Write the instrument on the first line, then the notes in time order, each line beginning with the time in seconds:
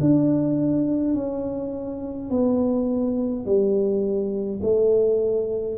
tuba
0.00 D4
1.14 C#4
2.30 B3
3.45 G3
4.63 A3